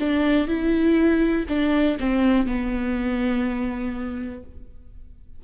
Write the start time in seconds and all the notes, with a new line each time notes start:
0.00 D4
0.48 E4
1.49 D4
2.00 C4
2.47 B3